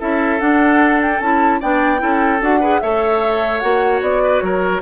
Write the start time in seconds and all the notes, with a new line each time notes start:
0.00 C#4 E4 A4 E5
0.40 D4 F#5
1.02 G5
1.20 C#4 E4 A5
1.61 B3 D4 D5 G5
1.98 C#4 E4 A4
2.41 D4 F#4 F#5
2.60 G#4 B4
2.81 A3 A4 C#5 E5
3.60 A#3 F#4 F#5
4.02 B3 D5
4.24 B4
4.41 F#3 A#4 C#5